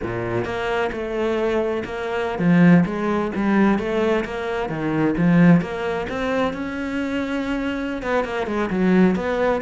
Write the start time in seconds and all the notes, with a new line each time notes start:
0.02 A#2
0.44 A#3
0.92 A3
1.84 A#3
2.38 F3
2.85 G#3
3.35 G3
3.78 A3
4.24 A#3
4.69 D#3
5.17 F3
5.61 A#3
6.09 C4
6.53 C#4
8.02 B3
8.24 A#3
8.46 G#3
8.70 F#3
9.15 B3